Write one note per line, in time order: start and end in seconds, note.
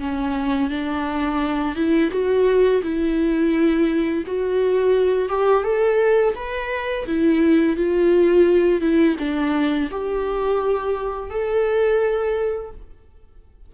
0.00 0.70 C#4
0.70 1.76 D4
1.76 2.11 E4
2.11 2.82 F#4
2.83 4.24 E4
4.27 5.29 F#4
5.29 5.64 G4
5.64 6.34 A4
6.36 7.06 B4
7.07 7.77 E4
7.77 8.81 F4
8.81 9.16 E4
9.19 9.90 D4
9.91 11.30 G4
11.30 12.72 A4